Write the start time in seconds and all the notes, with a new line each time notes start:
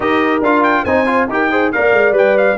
0.00 D#4 G4 A#4 D#5
0.41 D4 F4 F5
0.63 G5
0.83 C4 D#4 C5 G#5
1.06 F4
1.27 D#4 G4 A#4 G5
1.50 G#4 C5
1.72 A#3 A#4 D5 F5
1.93 G#3
2.12 G3 B4 G5
2.37 F5